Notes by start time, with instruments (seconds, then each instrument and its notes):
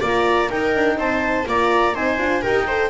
0.00 double bass A#3, horn F4, viola D5, clarinet A#5
0.49 horn D#4, double bass D#4, viola A#4, clarinet G5
0.75 double bass D4
0.96 double bass C4, viola C5, clarinet A5
1.46 double bass A#3, horn F4, viola D5, clarinet A#5
1.94 double bass C4, horn D#4, viola C5, clarinet G#5
2.18 double bass D4, horn F4
2.41 double bass D#4, horn G4, viola A#4, clarinet G5
2.67 horn A4, viola C5